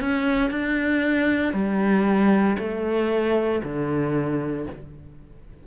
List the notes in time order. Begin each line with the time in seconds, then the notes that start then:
0.00 C#4
0.50 D4
1.53 G3
2.58 A3
3.63 D3